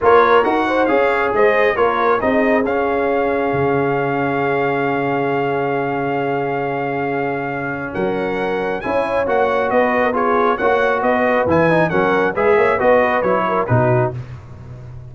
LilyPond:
<<
  \new Staff \with { instrumentName = "trumpet" } { \time 4/4 \tempo 4 = 136 cis''4 fis''4 f''4 dis''4 | cis''4 dis''4 f''2~ | f''1~ | f''1~ |
f''2 fis''2 | gis''4 fis''4 dis''4 cis''4 | fis''4 dis''4 gis''4 fis''4 | e''4 dis''4 cis''4 b'4 | }
  \new Staff \with { instrumentName = "horn" } { \time 4/4 ais'4. c''8 cis''4 c''4 | ais'4 gis'2.~ | gis'1~ | gis'1~ |
gis'2 ais'2 | cis''2 b'8. ais'16 gis'4 | cis''4 b'2 ais'4 | b'8 cis''8 b'4. ais'8 fis'4 | }
  \new Staff \with { instrumentName = "trombone" } { \time 4/4 f'4 fis'4 gis'2 | f'4 dis'4 cis'2~ | cis'1~ | cis'1~ |
cis'1 | e'4 fis'2 f'4 | fis'2 e'8 dis'8 cis'4 | gis'4 fis'4 e'4 dis'4 | }
  \new Staff \with { instrumentName = "tuba" } { \time 4/4 ais4 dis'4 cis'4 gis4 | ais4 c'4 cis'2 | cis1~ | cis1~ |
cis2 fis2 | cis'4 ais4 b2 | ais4 b4 e4 fis4 | gis8 ais8 b4 fis4 b,4 | }
>>